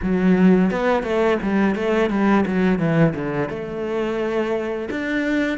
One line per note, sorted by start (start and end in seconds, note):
0.02 0.70 F#3
0.70 1.03 B3
1.03 1.38 A3
1.42 1.75 G3
1.75 2.09 A3
2.09 2.44 G3
2.46 2.78 F#3
2.78 3.13 E3
3.15 3.49 D3
3.49 4.88 A3
4.90 5.58 D4